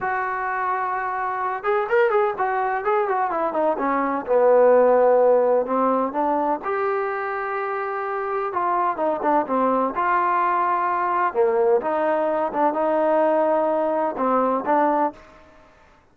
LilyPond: \new Staff \with { instrumentName = "trombone" } { \time 4/4 \tempo 4 = 127 fis'2.~ fis'8 gis'8 | ais'8 gis'8 fis'4 gis'8 fis'8 e'8 dis'8 | cis'4 b2. | c'4 d'4 g'2~ |
g'2 f'4 dis'8 d'8 | c'4 f'2. | ais4 dis'4. d'8 dis'4~ | dis'2 c'4 d'4 | }